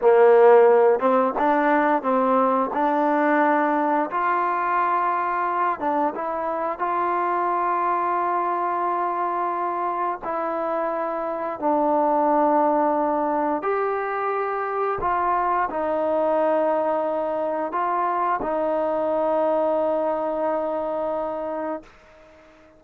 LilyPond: \new Staff \with { instrumentName = "trombone" } { \time 4/4 \tempo 4 = 88 ais4. c'8 d'4 c'4 | d'2 f'2~ | f'8 d'8 e'4 f'2~ | f'2. e'4~ |
e'4 d'2. | g'2 f'4 dis'4~ | dis'2 f'4 dis'4~ | dis'1 | }